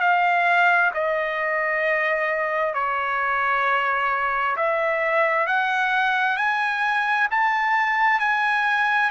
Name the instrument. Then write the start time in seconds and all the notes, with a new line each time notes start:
trumpet
0.00 F5
0.94 D#5
2.74 C#5
4.56 E5
5.47 F#5
6.37 G#5
7.31 A5
8.19 G#5